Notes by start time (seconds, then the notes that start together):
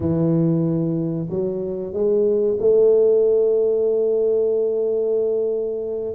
0.00 E3
1.29 F#3
1.93 G#3
2.59 A3